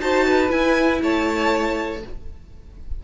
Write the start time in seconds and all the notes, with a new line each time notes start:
0.00 D#4 F#4 C5 A5
0.26 B4
0.48 E4 G#5
1.02 A3 C#5 A5